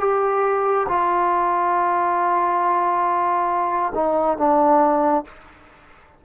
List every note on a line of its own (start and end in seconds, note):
0.00 0.87 G4
0.89 3.93 F4
3.95 4.38 D#4
4.38 5.25 D4